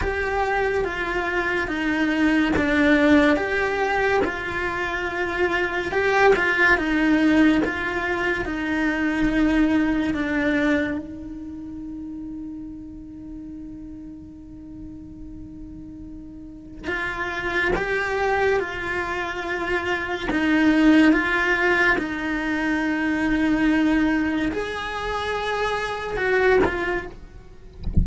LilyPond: \new Staff \with { instrumentName = "cello" } { \time 4/4 \tempo 4 = 71 g'4 f'4 dis'4 d'4 | g'4 f'2 g'8 f'8 | dis'4 f'4 dis'2 | d'4 dis'2.~ |
dis'1 | f'4 g'4 f'2 | dis'4 f'4 dis'2~ | dis'4 gis'2 fis'8 f'8 | }